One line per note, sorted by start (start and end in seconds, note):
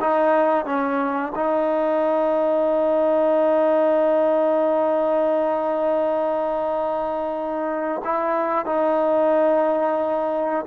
0.00 0.65 D#4
0.65 1.32 C#4
1.35 8.02 D#4
8.04 8.65 E4
8.65 10.65 D#4